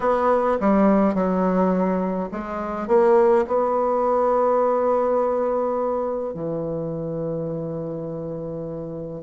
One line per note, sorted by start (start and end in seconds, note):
0.00 0.58 B3
0.60 1.14 G3
1.14 2.29 F#3
2.31 2.87 G#3
2.87 3.45 A#3
3.47 6.34 B3
6.34 9.22 E3